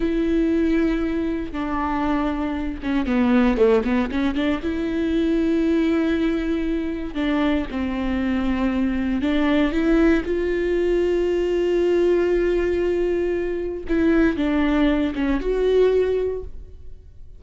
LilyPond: \new Staff \with { instrumentName = "viola" } { \time 4/4 \tempo 4 = 117 e'2. d'4~ | d'4. cis'8 b4 a8 b8 | cis'8 d'8 e'2.~ | e'2 d'4 c'4~ |
c'2 d'4 e'4 | f'1~ | f'2. e'4 | d'4. cis'8 fis'2 | }